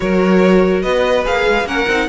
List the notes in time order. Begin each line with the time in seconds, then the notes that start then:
0.00 F#3 F#4 A#4 C#5
0.82 B3 B4 D#5
1.24 A#3 G#4 F5
1.47 G#3
1.63 A#3 C#4 A#4 F#5
1.88 C4 D#4